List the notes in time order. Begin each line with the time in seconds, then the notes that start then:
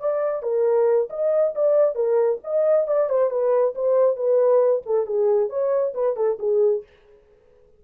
0.00 D5
0.43 A#4
1.10 D#5
1.55 D5
1.95 A#4
2.44 D#5
2.87 D5
3.09 C5
3.30 B4
3.75 C5
4.16 B4
4.86 A4
5.06 G#4
5.49 C#5
5.94 B4
6.16 A4
6.39 G#4